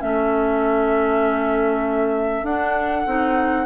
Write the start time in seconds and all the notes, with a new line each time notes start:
0.00 A3 C#4 A4 E5
2.43 D4 F#5
3.06 C4 D#4